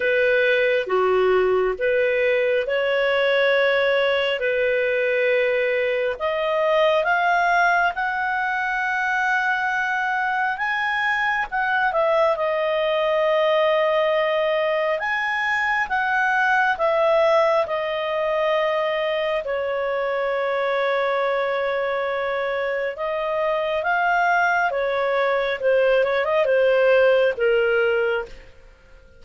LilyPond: \new Staff \with { instrumentName = "clarinet" } { \time 4/4 \tempo 4 = 68 b'4 fis'4 b'4 cis''4~ | cis''4 b'2 dis''4 | f''4 fis''2. | gis''4 fis''8 e''8 dis''2~ |
dis''4 gis''4 fis''4 e''4 | dis''2 cis''2~ | cis''2 dis''4 f''4 | cis''4 c''8 cis''16 dis''16 c''4 ais'4 | }